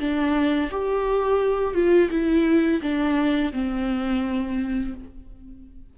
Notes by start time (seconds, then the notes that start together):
0.00 D4
0.71 G4
1.75 F4
2.11 E4
2.82 D4
3.53 C4